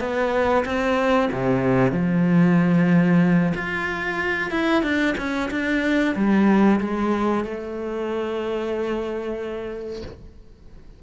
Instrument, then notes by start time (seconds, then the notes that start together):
cello
0.00 B3
0.65 C4
1.32 C3
1.92 F3
3.55 F4
4.51 E4
4.83 D4
5.18 C#4
5.51 D4
6.16 G3
6.81 G#3
7.45 A3